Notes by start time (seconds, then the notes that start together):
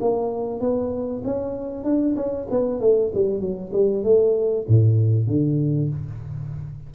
0.00 A#3
0.59 B3
1.24 C#4
1.84 D4
2.16 C#4
2.50 B3
2.80 A3
3.14 G3
3.40 F#3
3.72 G3
4.03 A3
4.68 A2
5.26 D3